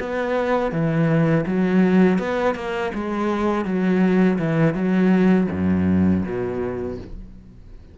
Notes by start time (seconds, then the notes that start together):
0.00 B3
0.72 E3
1.46 F#3
2.19 B3
2.55 A#3
2.95 G#3
3.66 F#3
4.39 E3
4.74 F#3
5.51 F#2
6.25 B2